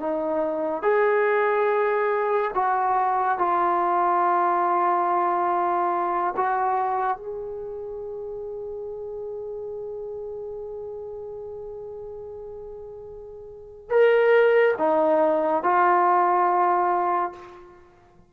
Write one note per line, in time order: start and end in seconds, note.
0.00 0.83 D#4
0.83 2.52 G#4
2.54 3.38 F#4
3.38 6.34 F4
6.36 7.17 F#4
7.17 13.90 G#4
13.90 14.75 A#4
14.79 15.63 D#4
15.63 17.32 F4